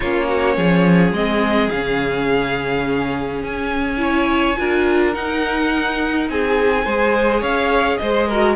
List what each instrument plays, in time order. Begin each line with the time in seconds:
0.00 cello A#3, viola C#4, violin F4 C#5
0.27 violin F#4
0.56 cello F3, violin G#4
1.12 cello G#3, viola C4, violin D#5
1.70 cello C#3, viola C#4, violin F5
3.42 cello C#4, violin G#5
3.97 viola E4, violin C#5
4.57 cello D4, viola F4, violin A#4
5.13 viola D#4, cello D#4, violin F#5
6.29 cello C4, violin G#4 G#5
6.85 cello G#3, viola G#4, violin C5
7.40 cello C#4, violin C#5 F5
7.97 cello G#3, violin C5 D#5
8.27 viola F#4, violin A#4